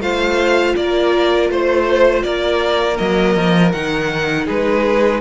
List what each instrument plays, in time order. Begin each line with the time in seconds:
0.00 cello A3, viola F4, violin C5 F5
0.76 cello A#3, violin A#4 D5
1.50 cello A3, violin C5
2.23 cello A#3, violin A#4 D5
2.95 cello F#3, viola A#3, violin D#5
3.37 cello F3
3.72 cello D#3, viola D#4, violin F#5
4.45 cello G#3, violin G#4 B4